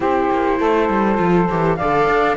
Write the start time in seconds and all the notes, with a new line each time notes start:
0.00 C4 E4 G4 C5
0.30 A#3
0.59 A3 A4
0.89 G3
1.15 F3 F4
1.49 E3 G4
1.76 D3 A4 D5 F5
2.07 D4